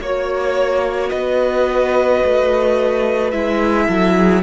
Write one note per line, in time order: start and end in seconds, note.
0.00 1.11 A#3
0.00 3.33 F#4
0.00 1.11 C#5
0.00 1.09 C#5
1.09 2.23 B3
1.09 3.86 B4
1.09 3.31 D#5
2.25 3.33 A3
3.31 3.88 G#3
3.31 4.43 E4
3.31 4.42 E5
3.86 4.43 F#3
3.86 4.14 A4
4.17 4.43 G#4